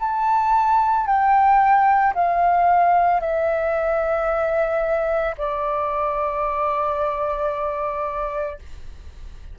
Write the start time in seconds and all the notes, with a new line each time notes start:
0.00 A5
1.07 G5
2.15 F5
3.21 E5
5.38 D5